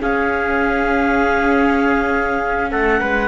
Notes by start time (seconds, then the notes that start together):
0.00 C#4 G#4 F5
2.71 A3 A4 F#5
3.00 G#3 B4